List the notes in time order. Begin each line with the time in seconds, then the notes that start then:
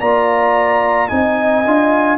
0.00 A#3 F4 D5 A#5
1.08 C4 D#4 D#5 G#5
1.65 D4 F4